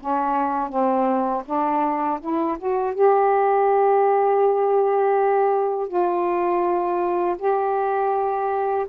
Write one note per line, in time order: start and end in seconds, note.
0.00 0.69 C#4
0.69 1.43 C4
1.45 2.20 D4
2.20 2.57 E4
2.58 2.94 F#4
2.94 5.88 G4
5.88 7.36 F4
7.38 8.86 G4